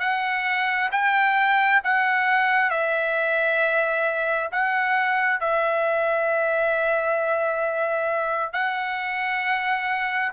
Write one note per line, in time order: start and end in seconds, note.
0.00 0.90 F#5
0.92 1.82 G5
1.84 2.70 F#5
2.70 4.49 E5
4.52 5.40 F#5
5.40 8.53 E5
8.53 10.32 F#5